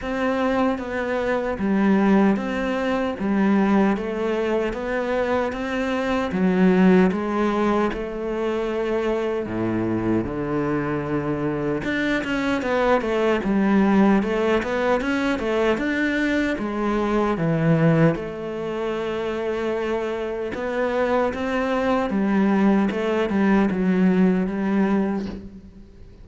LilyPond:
\new Staff \with { instrumentName = "cello" } { \time 4/4 \tempo 4 = 76 c'4 b4 g4 c'4 | g4 a4 b4 c'4 | fis4 gis4 a2 | a,4 d2 d'8 cis'8 |
b8 a8 g4 a8 b8 cis'8 a8 | d'4 gis4 e4 a4~ | a2 b4 c'4 | g4 a8 g8 fis4 g4 | }